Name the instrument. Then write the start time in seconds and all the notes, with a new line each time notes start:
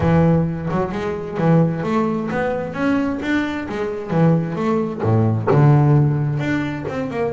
double bass
0.00 E3
0.70 F#3
0.91 G#3
1.37 E3
1.83 A3
2.31 B3
2.73 C#4
3.21 D4
3.68 G#3
4.10 E3
4.55 A3
5.02 A2
5.50 D3
6.39 D4
6.88 C4
7.10 A#3